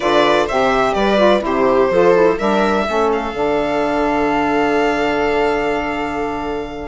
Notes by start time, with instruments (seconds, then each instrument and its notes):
0.00 bassoon D3, saxophone F4, viola B4, violin D5
0.45 bassoon C3, saxophone G4, viola C5, violin E5
0.93 bassoon G3, viola B4, violin D5
1.17 saxophone F4
1.39 bassoon C3, saxophone E4, viola G4, violin C5
1.89 bassoon F3, saxophone F4, viola A4
2.13 saxophone E4
2.38 bassoon G3, saxophone D4, viola A#4, violin E5
2.86 bassoon A3, saxophone C#4, viola A4
3.12 violin F5
3.33 bassoon D3, saxophone D4